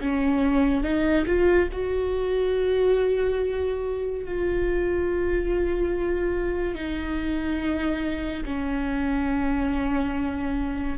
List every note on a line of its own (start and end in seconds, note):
0.00 0.83 C#4
0.83 1.25 D#4
1.26 1.68 F4
1.72 4.24 F#4
4.24 6.75 F4
6.75 8.44 D#4
8.45 10.97 C#4